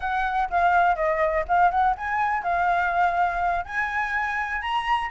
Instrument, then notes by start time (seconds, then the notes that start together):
flute
0.00 F#5
0.50 F5
0.95 D#5
1.47 F5
1.70 F#5
1.97 G#5
2.43 F5
3.65 G#5
4.61 A#5